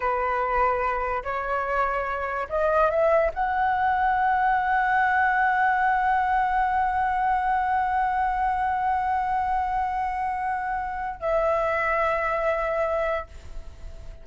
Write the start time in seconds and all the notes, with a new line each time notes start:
0.00 B4
1.23 C#5
2.49 D#5
2.90 E5
3.34 F#5
11.19 E5